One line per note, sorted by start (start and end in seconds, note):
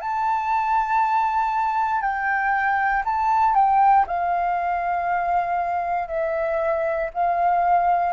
0.00 2.01 A5
2.01 3.02 G5
3.05 3.54 A5
3.54 4.05 G5
4.07 6.08 F5
6.08 7.10 E5
7.14 8.12 F5